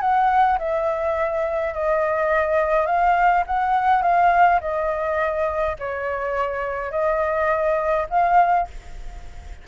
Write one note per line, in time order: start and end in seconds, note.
0.00 0.58 F#5
0.58 1.74 E5
1.74 2.86 D#5
2.86 3.43 F5
3.46 4.02 F#5
4.02 4.59 F5
4.60 5.76 D#5
5.78 6.91 C#5
6.91 8.06 D#5
8.10 8.67 F5